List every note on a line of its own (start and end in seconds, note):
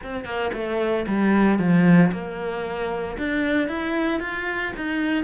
0.03 0.24 C4
0.24 0.50 A#3
0.53 1.06 A3
1.07 1.58 G3
1.58 2.11 F3
2.12 3.17 A#3
3.17 3.67 D4
3.67 4.20 E4
4.20 4.72 F4
4.76 5.24 D#4